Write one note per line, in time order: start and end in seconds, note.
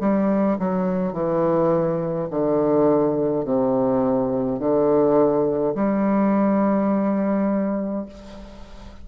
0.00 0.58 G3
0.59 1.13 F#3
1.13 2.28 E3
2.30 3.45 D3
3.45 4.59 C3
4.59 5.74 D3
5.75 8.06 G3